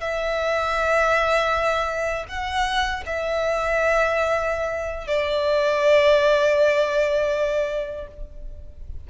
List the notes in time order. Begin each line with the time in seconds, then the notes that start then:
0.00 E5
2.28 F#5
3.05 E5
5.07 D5